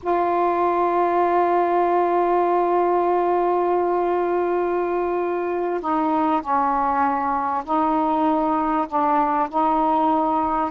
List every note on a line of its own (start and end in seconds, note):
0.03 5.81 F4
5.81 6.41 D#4
6.41 7.63 C#4
7.64 8.87 D#4
8.87 9.48 D4
9.49 10.71 D#4